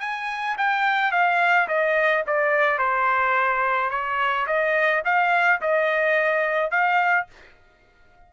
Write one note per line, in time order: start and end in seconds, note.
0.00 0.56 G#5
0.57 1.11 G5
1.11 1.67 F5
1.68 2.24 D#5
2.27 2.78 D5
2.78 3.90 C5
3.90 4.47 C#5
4.47 5.03 D#5
5.04 5.60 F5
5.61 6.71 D#5
6.71 7.27 F5